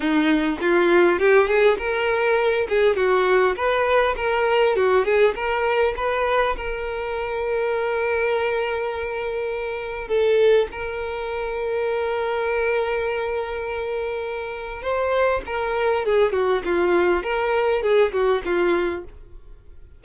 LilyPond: \new Staff \with { instrumentName = "violin" } { \time 4/4 \tempo 4 = 101 dis'4 f'4 g'8 gis'8 ais'4~ | ais'8 gis'8 fis'4 b'4 ais'4 | fis'8 gis'8 ais'4 b'4 ais'4~ | ais'1~ |
ais'4 a'4 ais'2~ | ais'1~ | ais'4 c''4 ais'4 gis'8 fis'8 | f'4 ais'4 gis'8 fis'8 f'4 | }